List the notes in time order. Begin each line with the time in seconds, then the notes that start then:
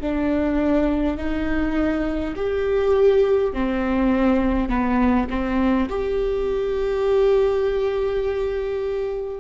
0.00 D4
1.17 D#4
2.36 G4
3.53 C4
4.68 B3
5.29 C4
5.89 G4